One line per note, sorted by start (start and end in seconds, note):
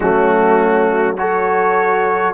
0.00 2.33 F#3
0.00 1.17 A3
0.00 1.18 C#4
0.00 1.15 F#4
1.17 2.33 F#4
1.17 2.33 A4
1.17 2.33 C#5